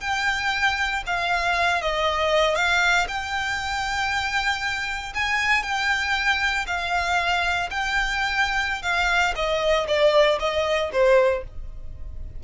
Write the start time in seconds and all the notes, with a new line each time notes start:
0.00 G5
1.06 F5
1.81 D#5
2.55 F5
3.08 G5
5.14 G#5
5.62 G5
6.67 F5
7.70 G5
8.82 F5
9.35 D#5
9.87 D5
10.39 D#5
10.92 C5